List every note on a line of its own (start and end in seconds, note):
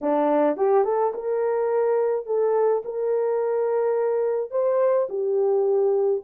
0.01 0.56 D4
0.56 0.84 G4
0.84 1.12 A4
1.13 2.26 A#4
2.26 2.82 A4
2.85 4.51 A#4
4.51 5.07 C5
5.09 6.22 G4